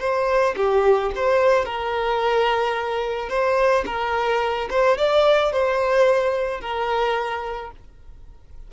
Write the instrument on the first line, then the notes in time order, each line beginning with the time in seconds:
violin
0.00 C5
0.57 G4
1.16 C5
1.65 A#4
3.29 C5
3.86 A#4
4.70 C5
4.98 D5
5.52 C5
6.61 A#4